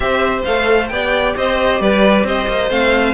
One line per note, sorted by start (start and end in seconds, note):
0.00 0.43 C4
0.00 0.42 G4
0.00 0.91 C5
0.00 0.42 E5
0.44 0.90 A3
0.44 0.92 A4
0.44 0.88 F5
0.88 1.35 B3
0.88 2.68 G4
0.88 1.36 D5
0.88 1.33 G5
1.36 1.80 C4
1.36 1.81 C5
1.36 1.81 D#5
1.80 2.23 G3
1.80 2.26 B4
1.80 2.26 D5
2.23 2.46 C4
2.23 3.14 C5
2.23 2.71 D#5
2.47 2.70 A#3
2.68 3.14 A3
2.68 3.13 C4
2.68 3.14 F5